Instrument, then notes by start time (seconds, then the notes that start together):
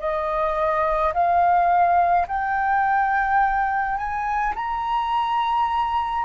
flute
0.00 D#5
1.13 F5
2.27 G5
3.97 G#5
4.55 A#5